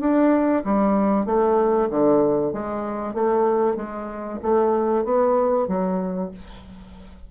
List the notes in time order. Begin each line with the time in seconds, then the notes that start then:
0.00 D4
0.65 G3
1.26 A3
1.90 D3
2.53 G#3
3.14 A3
3.76 G#3
4.42 A3
5.05 B3
5.68 F#3